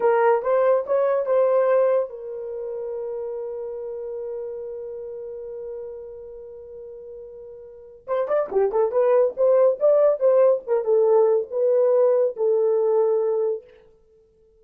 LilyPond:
\new Staff \with { instrumentName = "horn" } { \time 4/4 \tempo 4 = 141 ais'4 c''4 cis''4 c''4~ | c''4 ais'2.~ | ais'1~ | ais'1~ |
ais'2. c''8 d''8 | g'8 a'8 b'4 c''4 d''4 | c''4 ais'8 a'4. b'4~ | b'4 a'2. | }